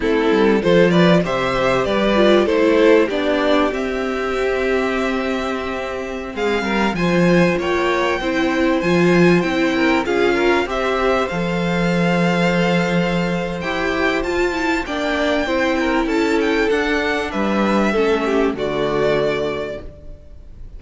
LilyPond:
<<
  \new Staff \with { instrumentName = "violin" } { \time 4/4 \tempo 4 = 97 a'4 c''8 d''8 e''4 d''4 | c''4 d''4 e''2~ | e''2~ e''16 f''4 gis''8.~ | gis''16 g''2 gis''4 g''8.~ |
g''16 f''4 e''4 f''4.~ f''16~ | f''2 g''4 a''4 | g''2 a''8 g''8 fis''4 | e''2 d''2 | }
  \new Staff \with { instrumentName = "violin" } { \time 4/4 e'4 a'8 b'8 c''4 b'4 | a'4 g'2.~ | g'2~ g'16 gis'8 ais'8 c''8.~ | c''16 cis''4 c''2~ c''8 ais'16~ |
ais'16 gis'8 ais'8 c''2~ c''8.~ | c''1 | d''4 c''8 ais'8 a'2 | b'4 a'8 g'8 fis'2 | }
  \new Staff \with { instrumentName = "viola" } { \time 4/4 c'4 f'4 g'4. f'8 | e'4 d'4 c'2~ | c'2.~ c'16 f'8.~ | f'4~ f'16 e'4 f'4 e'8.~ |
e'16 f'4 g'4 a'4.~ a'16~ | a'2 g'4 f'8 e'8 | d'4 e'2 d'4~ | d'4 cis'4 a2 | }
  \new Staff \with { instrumentName = "cello" } { \time 4/4 a8 g8 f4 c4 g4 | a4 b4 c'2~ | c'2~ c'16 gis8 g8 f8.~ | f16 ais4 c'4 f4 c'8.~ |
c'16 cis'4 c'4 f4.~ f16~ | f2 e'4 f'4 | ais4 c'4 cis'4 d'4 | g4 a4 d2 | }
>>